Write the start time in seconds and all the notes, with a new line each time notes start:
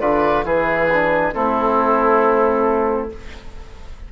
0.00 D3 F4 B4 D5
0.44 E3 E4 G#4 B4
0.92 D4
1.33 A3 C4 E4 A4